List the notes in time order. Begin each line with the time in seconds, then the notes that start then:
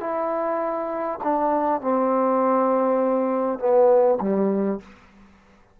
0.00 E4
1.23 D4
1.81 C4
3.59 B3
4.20 G3